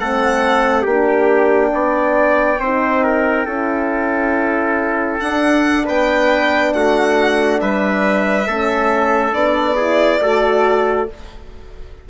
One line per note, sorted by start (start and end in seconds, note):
0.00 0.86 A3
0.00 0.86 C4
0.00 0.82 A4
0.00 0.86 F#5
0.82 1.72 A#3
0.82 2.60 D4
0.82 1.69 G4
0.82 5.20 G5
1.73 2.59 B3
1.73 2.60 D5
2.59 3.46 C4
2.59 3.47 D#4
2.59 3.04 C5
3.04 3.46 A#4
3.46 5.20 C#4
3.46 5.20 E4
3.46 5.85 A4
5.20 8.46 D4
5.20 5.87 D4
5.20 5.85 F#5
5.86 6.74 B3
5.86 6.72 B4
5.86 6.73 G5
6.73 7.61 A3
6.73 7.62 F#4
6.73 7.60 F#5
7.61 8.47 G3
7.61 8.47 B4
7.61 9.34 E5
8.47 9.33 A3
8.47 9.32 C#4
8.47 9.76 A4
9.32 10.20 B3
9.32 9.76 D4
9.32 11.08 D5
9.76 10.20 E4
9.76 10.19 G#4
10.21 11.08 A3
10.21 11.09 F#4
10.21 11.09 A4